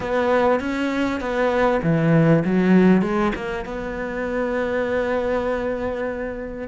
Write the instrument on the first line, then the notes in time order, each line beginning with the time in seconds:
cello
0.00 B3
0.60 C#4
1.20 B3
1.83 E3
2.45 F#3
3.02 G#3
3.35 A#3
3.65 B3